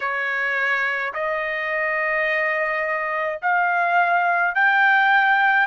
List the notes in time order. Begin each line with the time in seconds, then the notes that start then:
0.00 C#5
1.13 D#5
3.42 F5
4.54 G5